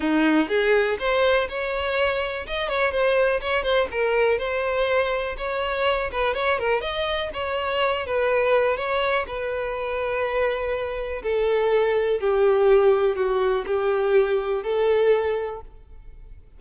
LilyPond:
\new Staff \with { instrumentName = "violin" } { \time 4/4 \tempo 4 = 123 dis'4 gis'4 c''4 cis''4~ | cis''4 dis''8 cis''8 c''4 cis''8 c''8 | ais'4 c''2 cis''4~ | cis''8 b'8 cis''8 ais'8 dis''4 cis''4~ |
cis''8 b'4. cis''4 b'4~ | b'2. a'4~ | a'4 g'2 fis'4 | g'2 a'2 | }